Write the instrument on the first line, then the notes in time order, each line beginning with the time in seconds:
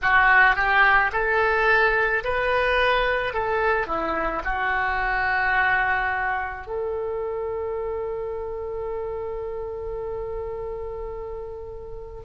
oboe
0.02 F#4
0.56 G4
1.12 A4
2.24 B4
3.33 A4
3.86 E4
4.44 F#4
6.67 A4